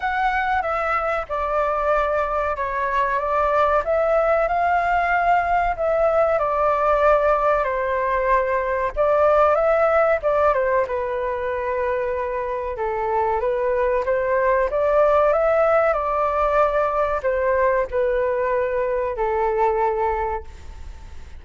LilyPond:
\new Staff \with { instrumentName = "flute" } { \time 4/4 \tempo 4 = 94 fis''4 e''4 d''2 | cis''4 d''4 e''4 f''4~ | f''4 e''4 d''2 | c''2 d''4 e''4 |
d''8 c''8 b'2. | a'4 b'4 c''4 d''4 | e''4 d''2 c''4 | b'2 a'2 | }